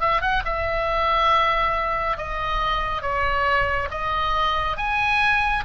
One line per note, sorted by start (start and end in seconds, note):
0.00 0.21 E5
0.21 0.43 F#5
0.45 2.17 E5
2.17 3.02 D#5
3.02 3.89 C#5
3.91 4.77 D#5
4.77 5.64 G#5